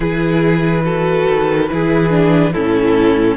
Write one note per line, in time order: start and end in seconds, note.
0.00 1.27 E3
0.00 0.83 E4
0.00 0.82 G#4
0.00 2.52 B4
0.83 1.68 F#4
0.83 1.69 A4
1.28 1.70 D#3
1.69 2.54 E3
1.69 2.10 E4
1.69 2.52 G#4
2.10 2.52 D4
2.52 3.36 A2
2.52 3.36 C#4
2.52 3.36 E4
2.52 3.36 A4